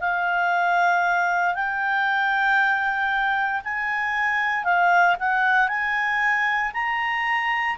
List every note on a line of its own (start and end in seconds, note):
0.00 1.54 F5
1.54 3.61 G5
3.63 4.64 G#5
4.64 5.16 F5
5.19 5.68 F#5
5.68 6.71 G#5
6.73 7.76 A#5